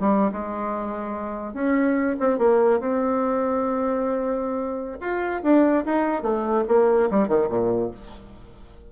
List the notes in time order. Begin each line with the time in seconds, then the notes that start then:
0.00 G3
0.32 G#3
1.53 C#4
2.19 C4
2.38 A#3
2.80 C4
5.00 F4
5.43 D4
5.85 D#4
6.22 A3
6.68 A#3
7.10 G3
7.28 D#3
7.49 A#2